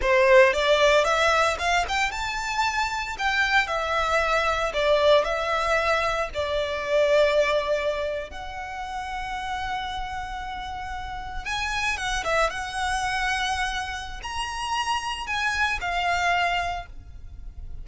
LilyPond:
\new Staff \with { instrumentName = "violin" } { \time 4/4 \tempo 4 = 114 c''4 d''4 e''4 f''8 g''8 | a''2 g''4 e''4~ | e''4 d''4 e''2 | d''2.~ d''8. fis''16~ |
fis''1~ | fis''4.~ fis''16 gis''4 fis''8 e''8 fis''16~ | fis''2. ais''4~ | ais''4 gis''4 f''2 | }